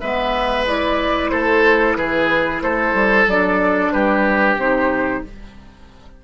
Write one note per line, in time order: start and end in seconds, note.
0.00 1.32 G#3
0.00 0.66 B3
0.00 1.30 B4
0.00 0.65 E5
0.66 3.27 E4
0.66 1.29 D5
1.29 1.96 A3
1.29 1.97 A4
1.29 1.94 C5
1.95 2.61 E3
1.95 2.63 G#4
1.95 2.61 B4
2.61 2.93 A3
2.61 3.93 A4
2.61 3.27 C5
2.93 3.26 G3
3.26 3.91 F#3
3.26 4.59 D4
3.26 3.92 D5
3.92 4.56 G3
3.92 5.23 G4
3.92 4.57 B4
4.56 5.22 C3
4.56 5.24 D#4
4.56 5.24 C5